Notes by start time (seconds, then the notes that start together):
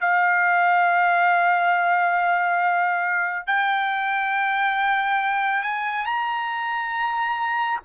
0.00 F5
3.46 G5
5.62 G#5
6.05 A#5